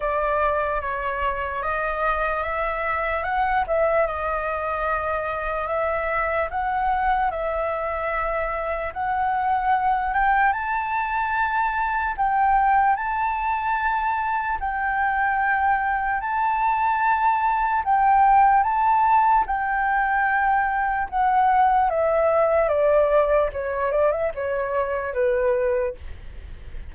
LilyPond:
\new Staff \with { instrumentName = "flute" } { \time 4/4 \tempo 4 = 74 d''4 cis''4 dis''4 e''4 | fis''8 e''8 dis''2 e''4 | fis''4 e''2 fis''4~ | fis''8 g''8 a''2 g''4 |
a''2 g''2 | a''2 g''4 a''4 | g''2 fis''4 e''4 | d''4 cis''8 d''16 e''16 cis''4 b'4 | }